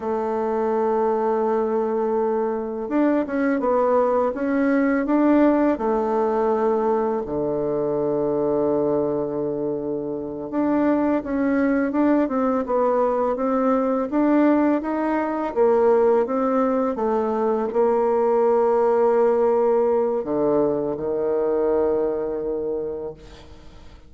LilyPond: \new Staff \with { instrumentName = "bassoon" } { \time 4/4 \tempo 4 = 83 a1 | d'8 cis'8 b4 cis'4 d'4 | a2 d2~ | d2~ d8 d'4 cis'8~ |
cis'8 d'8 c'8 b4 c'4 d'8~ | d'8 dis'4 ais4 c'4 a8~ | a8 ais2.~ ais8 | d4 dis2. | }